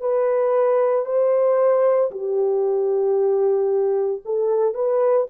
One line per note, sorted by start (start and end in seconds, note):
0.00 1.05 B4
1.05 2.11 C5
2.11 4.22 G4
4.25 4.74 A4
4.74 5.26 B4